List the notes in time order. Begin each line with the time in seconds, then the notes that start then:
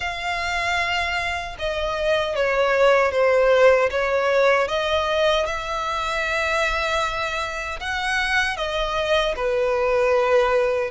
0.00 F5
1.58 D#5
2.36 C#5
3.11 C5
3.90 C#5
4.68 D#5
5.45 E5
7.80 F#5
8.56 D#5
9.35 B4